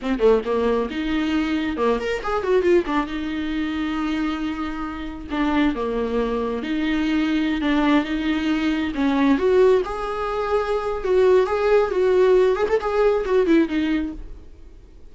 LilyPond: \new Staff \with { instrumentName = "viola" } { \time 4/4 \tempo 4 = 136 c'8 a8 ais4 dis'2 | ais8 ais'8 gis'8 fis'8 f'8 d'8 dis'4~ | dis'1 | d'4 ais2 dis'4~ |
dis'4~ dis'16 d'4 dis'4.~ dis'16~ | dis'16 cis'4 fis'4 gis'4.~ gis'16~ | gis'4 fis'4 gis'4 fis'4~ | fis'8 gis'16 a'16 gis'4 fis'8 e'8 dis'4 | }